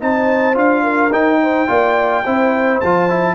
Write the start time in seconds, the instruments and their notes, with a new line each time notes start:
0.00 tuba C4, trombone D#4, horn C5, trumpet A5
0.54 tuba D4, trombone F4, trumpet F5
0.83 horn A#4
1.12 tuba D#4, trombone D#4, trumpet G5
1.42 horn C5
1.67 tuba A#3, trombone F4, horn D5
2.24 tuba C4, trombone E4, horn C5
2.80 tuba F3, trombone F4, trumpet A5
3.10 trombone E4